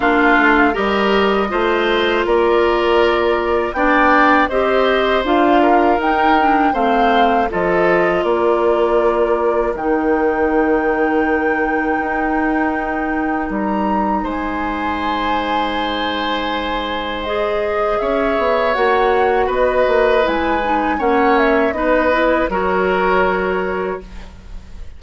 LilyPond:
<<
  \new Staff \with { instrumentName = "flute" } { \time 4/4 \tempo 4 = 80 f''4 dis''2 d''4~ | d''4 g''4 dis''4 f''4 | g''4 f''4 dis''4 d''4~ | d''4 g''2.~ |
g''2 ais''4 gis''4~ | gis''2. dis''4 | e''4 fis''4 dis''4 gis''4 | fis''8 e''8 dis''4 cis''2 | }
  \new Staff \with { instrumentName = "oboe" } { \time 4/4 f'4 ais'4 c''4 ais'4~ | ais'4 d''4 c''4. ais'8~ | ais'4 c''4 a'4 ais'4~ | ais'1~ |
ais'2. c''4~ | c''1 | cis''2 b'2 | cis''4 b'4 ais'2 | }
  \new Staff \with { instrumentName = "clarinet" } { \time 4/4 d'4 g'4 f'2~ | f'4 d'4 g'4 f'4 | dis'8 d'8 c'4 f'2~ | f'4 dis'2.~ |
dis'1~ | dis'2. gis'4~ | gis'4 fis'2 e'8 dis'8 | cis'4 dis'8 e'8 fis'2 | }
  \new Staff \with { instrumentName = "bassoon" } { \time 4/4 ais8 a8 g4 a4 ais4~ | ais4 b4 c'4 d'4 | dis'4 a4 f4 ais4~ | ais4 dis2. |
dis'2 g4 gis4~ | gis1 | cis'8 b8 ais4 b8 ais8 gis4 | ais4 b4 fis2 | }
>>